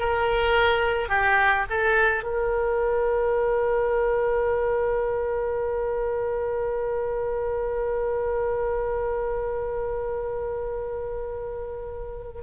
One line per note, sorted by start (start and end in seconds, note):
0.00 1.09 A#4
1.09 1.66 G4
1.70 2.24 A4
2.24 12.43 A#4